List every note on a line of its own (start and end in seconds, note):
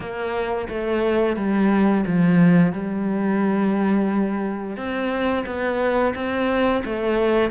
0.00 0.68 A#3
0.68 1.36 A3
1.36 2.04 G3
2.06 2.72 F3
2.72 4.76 G3
4.76 5.45 C4
5.45 6.14 B3
6.14 6.82 C4
6.84 7.50 A3